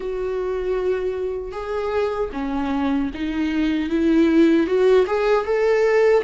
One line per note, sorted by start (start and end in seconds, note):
0.00 1.52 F#4
1.52 2.30 G#4
2.32 3.10 C#4
3.14 3.89 D#4
3.89 4.66 E4
4.66 5.05 F#4
5.06 5.45 G#4
5.45 6.23 A4